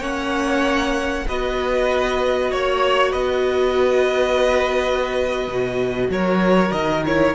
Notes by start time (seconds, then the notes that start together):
0.00 A#3 C#4 C#5 F#5
1.28 B3 F#4 B4 D#5
2.51 A#3 C#5
3.11 B3 B4 D#5
5.48 B2
6.09 F#3 A#4 C#5
6.72 D#3 D#5
7.06 E4 C#5